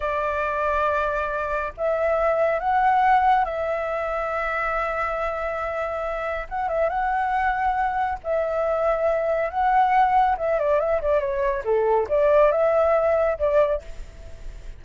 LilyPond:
\new Staff \with { instrumentName = "flute" } { \time 4/4 \tempo 4 = 139 d''1 | e''2 fis''2 | e''1~ | e''2. fis''8 e''8 |
fis''2. e''4~ | e''2 fis''2 | e''8 d''8 e''8 d''8 cis''4 a'4 | d''4 e''2 d''4 | }